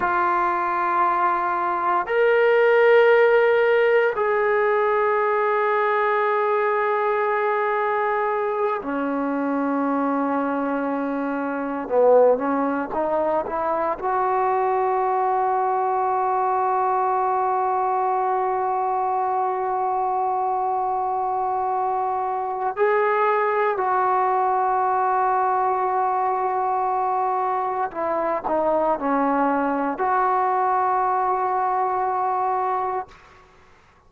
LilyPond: \new Staff \with { instrumentName = "trombone" } { \time 4/4 \tempo 4 = 58 f'2 ais'2 | gis'1~ | gis'8 cis'2. b8 | cis'8 dis'8 e'8 fis'2~ fis'8~ |
fis'1~ | fis'2 gis'4 fis'4~ | fis'2. e'8 dis'8 | cis'4 fis'2. | }